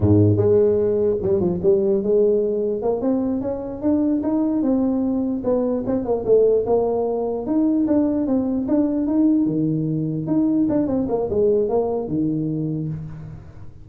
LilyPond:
\new Staff \with { instrumentName = "tuba" } { \time 4/4 \tempo 4 = 149 gis,4 gis2 g8 f8 | g4 gis2 ais8 c'8~ | c'8 cis'4 d'4 dis'4 c'8~ | c'4. b4 c'8 ais8 a8~ |
a8 ais2 dis'4 d'8~ | d'8 c'4 d'4 dis'4 dis8~ | dis4. dis'4 d'8 c'8 ais8 | gis4 ais4 dis2 | }